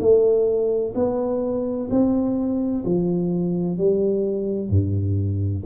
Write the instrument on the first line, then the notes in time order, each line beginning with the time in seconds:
tuba
0.00 A3
0.95 B3
1.90 C4
2.85 F3
3.78 G3
4.70 G2